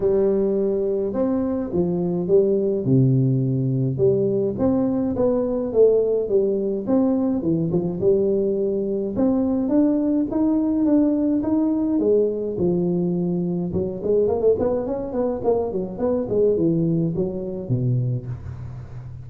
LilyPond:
\new Staff \with { instrumentName = "tuba" } { \time 4/4 \tempo 4 = 105 g2 c'4 f4 | g4 c2 g4 | c'4 b4 a4 g4 | c'4 e8 f8 g2 |
c'4 d'4 dis'4 d'4 | dis'4 gis4 f2 | fis8 gis8 ais16 a16 b8 cis'8 b8 ais8 fis8 | b8 gis8 e4 fis4 b,4 | }